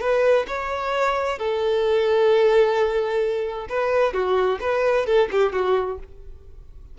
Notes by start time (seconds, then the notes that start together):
0.00 B4
0.47 C#5
1.38 A4
3.69 B4
4.13 F#4
4.61 B4
5.06 A4
5.31 G4
5.53 F#4